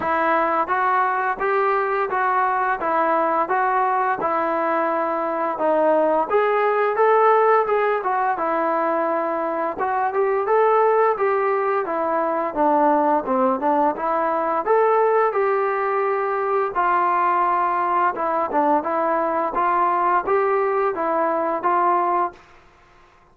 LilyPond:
\new Staff \with { instrumentName = "trombone" } { \time 4/4 \tempo 4 = 86 e'4 fis'4 g'4 fis'4 | e'4 fis'4 e'2 | dis'4 gis'4 a'4 gis'8 fis'8 | e'2 fis'8 g'8 a'4 |
g'4 e'4 d'4 c'8 d'8 | e'4 a'4 g'2 | f'2 e'8 d'8 e'4 | f'4 g'4 e'4 f'4 | }